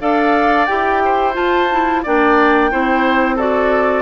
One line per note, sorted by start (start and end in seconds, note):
0.00 0.67 D4
0.00 0.68 A4
0.00 1.02 D5
0.00 0.65 F5
0.65 1.37 E4
0.65 1.33 G4
0.65 1.33 G5
1.04 2.03 C5
1.33 1.67 F4
1.33 2.05 F4
1.33 2.03 A5
1.72 2.05 E4
2.03 2.72 A#3
2.03 2.71 D4
2.03 2.70 D5
2.03 3.38 G5
2.71 4.02 C4
2.71 3.38 E4
2.71 3.35 C5
3.35 4.02 F#4
3.35 4.02 A4
3.35 4.02 D5